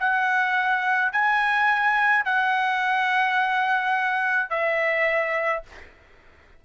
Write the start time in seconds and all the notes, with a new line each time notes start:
0.00 F#5
1.12 G#5
2.25 F#5
4.50 E5